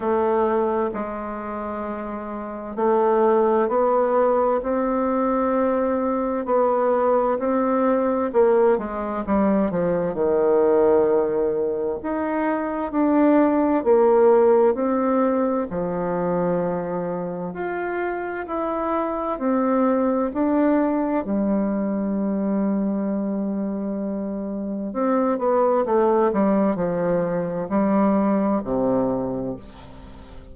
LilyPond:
\new Staff \with { instrumentName = "bassoon" } { \time 4/4 \tempo 4 = 65 a4 gis2 a4 | b4 c'2 b4 | c'4 ais8 gis8 g8 f8 dis4~ | dis4 dis'4 d'4 ais4 |
c'4 f2 f'4 | e'4 c'4 d'4 g4~ | g2. c'8 b8 | a8 g8 f4 g4 c4 | }